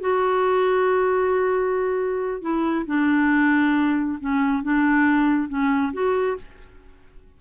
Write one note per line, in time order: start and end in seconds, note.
0.00 2.41 F#4
2.41 2.85 E4
2.86 4.19 D4
4.20 4.63 C#4
4.63 5.48 D4
5.48 5.93 C#4
5.93 6.37 F#4